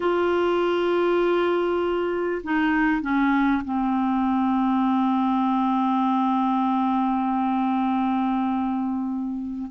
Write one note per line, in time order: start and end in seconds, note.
0.00 2.42 F4
2.43 3.01 D#4
3.01 3.62 C#4
3.64 9.70 C4